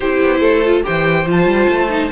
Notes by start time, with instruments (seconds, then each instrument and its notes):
0.00 cello C4, viola E4, violin G4 C5
0.22 cello B3
0.40 cello A3, violin A4
0.65 viola F4
0.83 cello E3, viola G4, violin C5 G5
1.25 cello F3, viola F4, violin A5
1.45 cello G3
1.69 cello A3
1.88 viola D#4